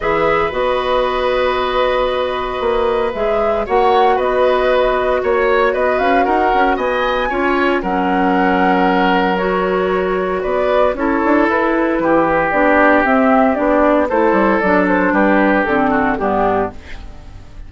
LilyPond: <<
  \new Staff \with { instrumentName = "flute" } { \time 4/4 \tempo 4 = 115 e''4 dis''2.~ | dis''2 e''4 fis''4 | dis''2 cis''4 dis''8 f''8 | fis''4 gis''2 fis''4~ |
fis''2 cis''2 | d''4 cis''4 b'2 | d''4 e''4 d''4 c''4 | d''8 c''8 b'4 a'4 g'4 | }
  \new Staff \with { instrumentName = "oboe" } { \time 4/4 b'1~ | b'2. cis''4 | b'2 cis''4 b'4 | ais'4 dis''4 cis''4 ais'4~ |
ais'1 | b'4 a'2 g'4~ | g'2. a'4~ | a'4 g'4. fis'8 d'4 | }
  \new Staff \with { instrumentName = "clarinet" } { \time 4/4 gis'4 fis'2.~ | fis'2 gis'4 fis'4~ | fis'1~ | fis'2 f'4 cis'4~ |
cis'2 fis'2~ | fis'4 e'2. | d'4 c'4 d'4 e'4 | d'2 c'4 b4 | }
  \new Staff \with { instrumentName = "bassoon" } { \time 4/4 e4 b2.~ | b4 ais4 gis4 ais4 | b2 ais4 b8 cis'8 | dis'8 cis'8 b4 cis'4 fis4~ |
fis1 | b4 cis'8 d'8 e'4 e4 | b4 c'4 b4 a8 g8 | fis4 g4 d4 g,4 | }
>>